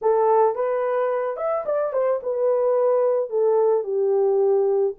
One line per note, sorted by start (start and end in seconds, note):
0.02 0.55 A4
0.55 1.37 B4
1.37 1.64 E5
1.65 1.93 D5
1.93 2.20 C5
2.22 3.29 B4
3.29 3.83 A4
3.83 4.93 G4